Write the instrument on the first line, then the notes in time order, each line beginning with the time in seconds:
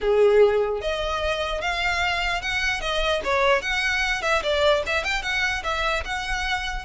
violin
0.00 G#4
0.81 D#5
1.61 F5
2.41 F#5
2.80 D#5
3.23 C#5
3.61 F#5
4.22 E5
4.43 D5
4.86 E5
5.03 G5
5.22 F#5
5.63 E5
6.04 F#5